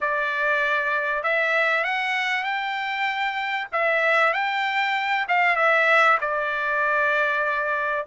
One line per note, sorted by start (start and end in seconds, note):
0.00 1.23 D5
1.23 1.84 E5
1.84 2.43 F#5
2.43 3.67 G5
3.72 4.33 E5
4.33 5.25 G5
5.28 5.56 F5
5.56 6.18 E5
6.20 8.06 D5